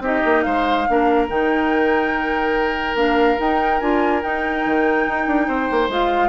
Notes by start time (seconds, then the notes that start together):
0.00 C4 D#4 G4 D#5
0.25 A#3
0.42 G#3 C5 F5
0.88 A#3 D4 A#4
1.29 D#3 D#4 G5
2.95 A#3 D4 F5
3.38 D#4 G5
3.80 D4 F4 G#5
4.22 D#4 G5
4.66 D#3
5.08 D#4
5.27 D4
5.48 C4 C5
5.71 A#3
5.89 G#3 F4 F5